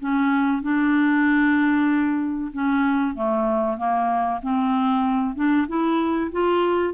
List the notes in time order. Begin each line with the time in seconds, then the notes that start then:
0.00 C#4
0.63 D4
2.53 C#4
3.15 A3
3.78 A#3
4.43 C4
5.36 D4
5.68 E4
6.32 F4